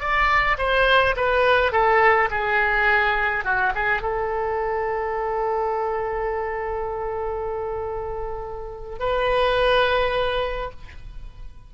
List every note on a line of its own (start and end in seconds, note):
0.00 0.57 D5
0.58 1.15 C5
1.17 1.72 B4
1.72 2.29 A4
2.31 3.45 G#4
3.45 3.73 F#4
3.75 4.02 G#4
4.02 9.00 A4
9.00 10.71 B4